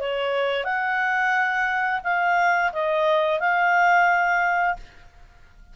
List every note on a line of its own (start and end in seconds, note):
0.00 0.64 C#5
0.64 2.01 F#5
2.04 2.72 F5
2.73 3.40 D#5
3.40 4.77 F5